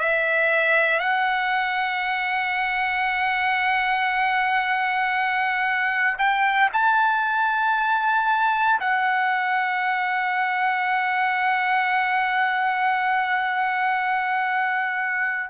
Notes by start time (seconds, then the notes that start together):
0.00 E5
1.00 F#5
6.18 G5
6.73 A5
8.81 F#5